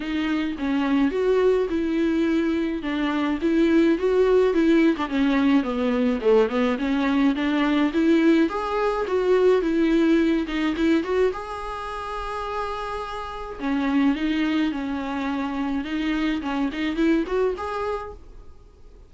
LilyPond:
\new Staff \with { instrumentName = "viola" } { \time 4/4 \tempo 4 = 106 dis'4 cis'4 fis'4 e'4~ | e'4 d'4 e'4 fis'4 | e'8. d'16 cis'4 b4 a8 b8 | cis'4 d'4 e'4 gis'4 |
fis'4 e'4. dis'8 e'8 fis'8 | gis'1 | cis'4 dis'4 cis'2 | dis'4 cis'8 dis'8 e'8 fis'8 gis'4 | }